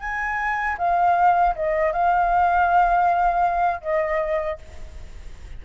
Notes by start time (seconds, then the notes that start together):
0.00 G#5
0.78 F5
1.55 D#5
1.93 F5
3.81 D#5